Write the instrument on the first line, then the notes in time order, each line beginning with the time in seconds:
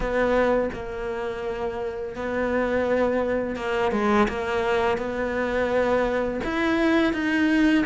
cello
0.00 B3
0.73 A#3
2.15 B3
3.56 A#3
3.91 G#3
4.28 A#3
4.97 B3
6.44 E4
7.13 D#4